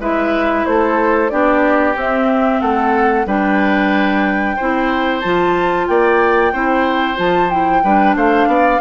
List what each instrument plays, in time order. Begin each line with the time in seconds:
0.00 bassoon G#3, clarinet E4, oboe B4, flute E5
0.66 bassoon A3, oboe A4, flute C5
1.30 bassoon B3, clarinet D4, oboe G4, flute D5
1.96 bassoon C4, clarinet C4, flute E5
2.61 bassoon A3, oboe A4, flute F#5
3.27 bassoon G3, clarinet D4, oboe B4, flute G5
4.57 bassoon C4, clarinet E4, oboe C5
5.21 bassoon F3, clarinet F4, flute A5
5.88 bassoon A#3, oboe D5, flute G5
6.53 bassoon C4, clarinet E4, oboe C5
7.16 bassoon F3, clarinet F4, flute A5
7.51 clarinet E4, flute G5
7.84 bassoon G3, clarinet D4, oboe B4
8.16 bassoon A3, oboe C5, flute F5
8.47 bassoon B3, oboe D5